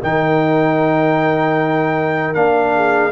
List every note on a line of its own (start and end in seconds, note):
0.00 2.35 D#3
0.00 2.34 D#4
0.00 2.73 A#4
0.00 2.34 G5
2.34 3.12 A#3
2.34 3.12 D4
2.34 3.12 F5
2.75 3.12 G#4